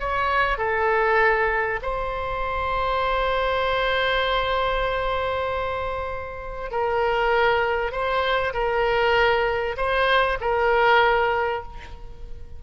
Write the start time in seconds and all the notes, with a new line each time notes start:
0.00 C#5
0.58 A4
1.82 C5
6.71 A#4
7.92 C5
8.54 A#4
9.77 C5
10.41 A#4